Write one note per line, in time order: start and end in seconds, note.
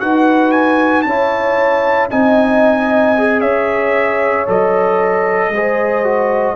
0.00 1.05 D#4
0.00 1.05 F#4
0.00 1.06 B4
0.00 0.52 F#5
0.52 1.02 G#5
1.02 2.10 C#4
1.02 2.11 C#5
1.02 2.07 A5
1.09 2.11 E4
2.11 3.42 C4
2.11 3.16 D#4
2.11 3.41 D#5
2.11 3.41 G#5
3.18 4.46 G#4
3.41 4.47 C#4
3.41 5.51 C#5
3.41 4.46 E5
4.46 5.49 F#3
4.46 5.52 A4
4.46 6.56 D#5
5.49 6.55 G#3
5.49 6.56 C5
5.55 6.04 G#4
6.04 6.56 F#4